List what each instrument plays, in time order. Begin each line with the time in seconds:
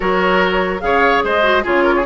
0.00 bassoon F#3, clarinet F#4, oboe A#4, flute C#5
0.80 bassoon C#3, clarinet G#4, oboe C#5, flute F5
1.23 bassoon G#3, oboe C5, flute D#5
1.42 clarinet F#4
1.63 bassoon C#3, clarinet F4, oboe G#4, flute C#5
1.83 oboe A#4
1.96 oboe G#4